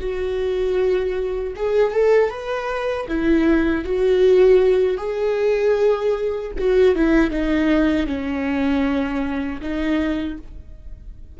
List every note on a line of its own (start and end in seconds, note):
0.00 1.54 F#4
1.56 1.92 G#4
1.92 2.29 A4
2.29 3.06 B4
3.08 3.85 E4
3.85 4.97 F#4
4.97 6.51 G#4
6.58 6.95 F#4
6.95 7.30 E4
7.30 8.06 D#4
8.06 9.60 C#4
9.61 10.38 D#4